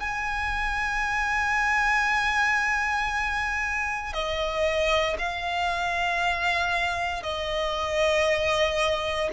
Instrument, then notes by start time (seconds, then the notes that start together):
violin
0.00 G#5
4.13 D#5
5.19 F5
7.23 D#5